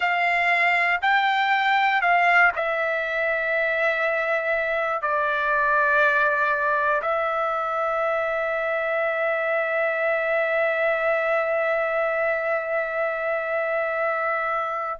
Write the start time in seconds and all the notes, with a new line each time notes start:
0.00 F5
1.01 G5
2.01 F5
2.55 E5
5.01 D5
7.01 E5